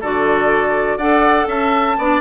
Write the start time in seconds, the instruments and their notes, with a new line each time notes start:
0.00 bassoon D3, clarinet F#4, oboe A4, flute D5
0.97 bassoon D4, clarinet A4, oboe D5, flute F#5
1.47 bassoon C#4, oboe E5, flute A5
1.98 bassoon B3, clarinet D4, oboe D5